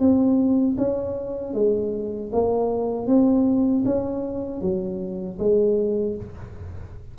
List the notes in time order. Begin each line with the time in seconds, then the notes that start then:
0.00 C4
0.78 C#4
1.54 G#3
2.33 A#3
3.07 C4
3.86 C#4
4.62 F#3
5.40 G#3